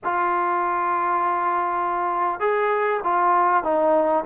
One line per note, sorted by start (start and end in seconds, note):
0.04 2.39 F4
2.39 3.00 G#4
3.03 3.63 F4
3.63 4.24 D#4